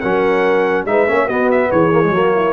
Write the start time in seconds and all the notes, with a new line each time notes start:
0.00 F#3 C#4 A#4 F#5
0.85 G#3 D#4 B4 E5
1.08 A#3 C#4 C#5
1.27 B3 F#4 D#5
1.51 E5
1.71 E3 G#4 C#5
1.92 A#3
2.03 G#3
2.10 F#3 A#3 F#4
2.36 E4